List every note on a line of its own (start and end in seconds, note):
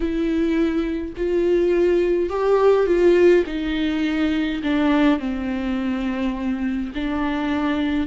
0.00 1.13 E4
1.16 2.29 F4
2.29 2.86 G4
2.86 3.44 F4
3.46 4.62 D#4
4.63 5.19 D4
5.19 6.92 C4
6.94 8.07 D4